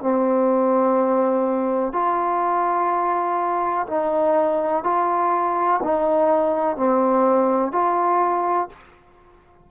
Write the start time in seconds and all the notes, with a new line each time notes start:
0.00 C4
1.93 F4
3.87 D#4
4.83 F4
5.83 D#4
6.76 C4
7.72 F4